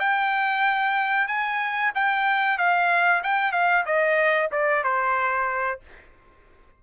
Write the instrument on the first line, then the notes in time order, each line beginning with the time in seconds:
trumpet
0.00 G5
1.28 G#5
1.95 G5
2.58 F5
3.23 G5
3.52 F5
3.86 D#5
4.52 D5
4.84 C5